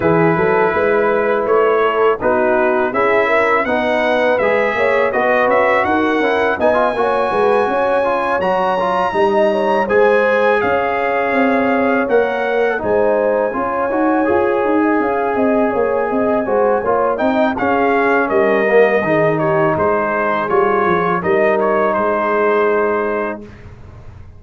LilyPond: <<
  \new Staff \with { instrumentName = "trumpet" } { \time 4/4 \tempo 4 = 82 b'2 cis''4 b'4 | e''4 fis''4 e''4 dis''8 e''8 | fis''4 gis''2~ gis''8 ais''8~ | ais''4. gis''4 f''4.~ |
f''8 fis''4 gis''2~ gis''8~ | gis''2.~ gis''8 g''8 | f''4 dis''4. cis''8 c''4 | cis''4 dis''8 cis''8 c''2 | }
  \new Staff \with { instrumentName = "horn" } { \time 4/4 gis'8 a'8 b'4. a'8 fis'4 | gis'8 ais'8 b'4. cis''8 b'4 | ais'4 dis''8 cis''8 b'8 cis''4.~ | cis''8 dis''8 cis''8 c''4 cis''4.~ |
cis''4. c''4 cis''4.~ | cis''16 dis''16 f''8 dis''8 cis''8 dis''8 c''8 cis''8 dis''8 | gis'4 ais'4 gis'8 g'8 gis'4~ | gis'4 ais'4 gis'2 | }
  \new Staff \with { instrumentName = "trombone" } { \time 4/4 e'2. dis'4 | e'4 dis'4 gis'4 fis'4~ | fis'8 e'8 dis'16 f'16 fis'4. f'8 fis'8 | f'8 dis'4 gis'2~ gis'8~ |
gis'8 ais'4 dis'4 f'8 fis'8 gis'8~ | gis'2~ gis'8 fis'8 f'8 dis'8 | cis'4. ais8 dis'2 | f'4 dis'2. | }
  \new Staff \with { instrumentName = "tuba" } { \time 4/4 e8 fis8 gis4 a4 b4 | cis'4 b4 gis8 ais8 b8 cis'8 | dis'8 cis'8 b8 ais8 gis8 cis'4 fis8~ | fis8 g4 gis4 cis'4 c'8~ |
c'8 ais4 gis4 cis'8 dis'8 f'8 | dis'8 cis'8 c'8 ais8 c'8 gis8 ais8 c'8 | cis'4 g4 dis4 gis4 | g8 f8 g4 gis2 | }
>>